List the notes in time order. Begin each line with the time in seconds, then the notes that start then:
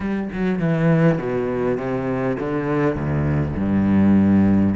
0.00 G3
0.33 F#3
0.59 E3
1.18 B2
1.77 C3
2.39 D3
2.95 D2
3.56 G2